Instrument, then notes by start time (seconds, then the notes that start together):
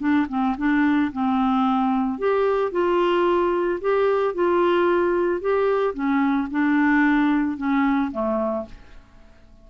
clarinet
0.00 D4
0.29 C4
0.58 D4
1.13 C4
2.19 G4
2.72 F4
3.82 G4
4.35 F4
5.41 G4
5.94 C#4
6.51 D4
7.58 C#4
8.12 A3